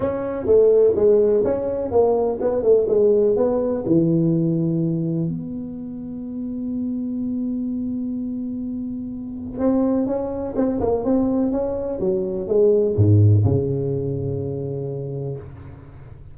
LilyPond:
\new Staff \with { instrumentName = "tuba" } { \time 4/4 \tempo 4 = 125 cis'4 a4 gis4 cis'4 | ais4 b8 a8 gis4 b4 | e2. b4~ | b1~ |
b1 | c'4 cis'4 c'8 ais8 c'4 | cis'4 fis4 gis4 gis,4 | cis1 | }